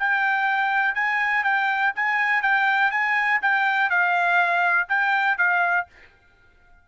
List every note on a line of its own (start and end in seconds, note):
0.00 0.95 G5
0.95 1.44 G#5
1.44 1.94 G5
1.96 2.43 G#5
2.43 2.92 G5
2.92 3.41 G#5
3.42 3.90 G5
3.90 4.88 F5
4.89 5.38 G5
5.39 5.88 F5